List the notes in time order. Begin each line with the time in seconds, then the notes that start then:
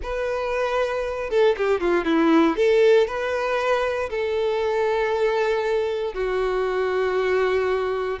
0.03 B4
1.30 A4
1.57 G4
1.80 F4
2.05 E4
2.56 A4
3.07 B4
4.10 A4
6.14 F#4